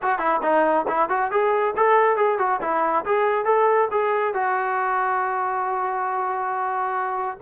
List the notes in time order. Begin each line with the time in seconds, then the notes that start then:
0.01 F#4
0.19 E4
0.42 D#4
0.88 E4
1.09 F#4
1.31 G#4
1.76 A4
2.16 G#4
2.38 F#4
2.61 E4
3.05 G#4
3.44 A4
3.91 G#4
4.33 F#4